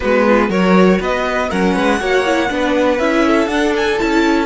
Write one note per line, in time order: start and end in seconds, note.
0.00 0.49 G#3
0.00 0.50 B3
0.00 0.26 F#4
0.00 0.49 B4
0.27 0.48 F4
0.48 0.99 F#3
0.48 1.50 F#4
0.48 0.98 A#4
0.48 1.01 C#5
1.00 1.50 B3
1.00 1.49 B4
1.00 1.50 D#5
1.49 1.75 F#3
1.49 2.00 C#4
1.49 1.73 A#4
1.49 2.99 F#5
1.73 2.00 G#3
1.73 1.98 B4
2.00 2.50 A#3
2.00 2.25 F#4
2.00 2.50 C#5
2.25 2.49 E4
2.49 2.99 B3
2.49 2.99 D4
2.49 3.26 B4
2.99 3.47 C#4
2.99 3.50 E4
2.99 3.48 E5
3.26 4.46 A4
3.47 3.97 D4
3.47 3.98 D4
3.47 3.73 F#5
3.76 3.99 G#5
3.98 4.46 C#4
3.98 4.46 E4
3.98 4.46 A5